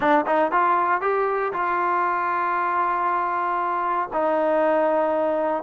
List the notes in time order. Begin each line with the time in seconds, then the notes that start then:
0.00 D4
0.26 D#4
0.51 F4
1.01 G4
1.52 F4
4.13 D#4